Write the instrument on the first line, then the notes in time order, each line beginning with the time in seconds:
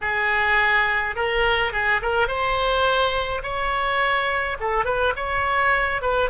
oboe
0.01 G#4
1.15 A#4
1.72 G#4
2.02 A#4
2.27 C5
3.43 C#5
4.59 A4
4.84 B4
5.16 C#5
6.01 B4